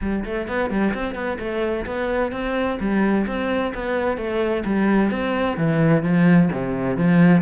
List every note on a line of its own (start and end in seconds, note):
0.01 0.24 G3
0.24 0.47 A3
0.47 0.70 B3
0.70 0.93 G3
0.94 1.14 C4
1.14 1.38 B3
1.39 1.85 A3
1.86 2.32 B3
2.32 2.78 C4
2.79 3.26 G3
3.26 3.73 C4
3.74 4.17 B3
4.17 4.63 A3
4.65 5.10 G3
5.10 5.57 C4
5.57 6.02 E3
6.02 6.49 F3
6.52 6.97 C3
6.97 7.42 F3